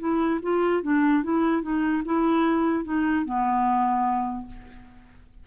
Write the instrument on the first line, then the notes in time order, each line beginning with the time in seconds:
clarinet
0.00 E4
0.43 F4
0.83 D4
1.24 E4
1.63 D#4
2.05 E4
2.85 D#4
3.25 B3